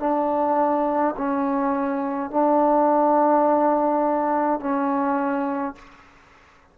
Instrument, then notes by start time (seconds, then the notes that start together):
trombone
0.00 D4
1.17 C#4
2.31 D4
4.60 C#4